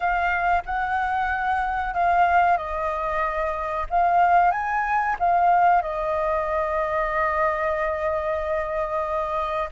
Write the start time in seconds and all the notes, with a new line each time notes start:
0.00 F5
0.65 F#5
1.94 F5
2.57 D#5
3.90 F5
4.51 G#5
5.19 F5
5.82 D#5